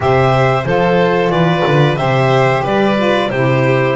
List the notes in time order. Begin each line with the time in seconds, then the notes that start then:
0.00 C3 G4 C5 E5
0.65 F3 F4 A4 C5
1.29 E3 B4 D5
1.66 D3
1.96 C3 G4 C5 E5
2.63 G3 B4 D5
2.96 F4
3.29 C3 E4 G4 C5